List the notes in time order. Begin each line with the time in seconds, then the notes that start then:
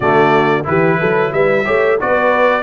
0.00 D3 A3 F#4 D5
0.64 E3 E4 G4 B4
0.99 F#3 A4
1.32 G3 B4 E5
1.64 A3 G4 C#5
2.00 B3 F#4 B4 D5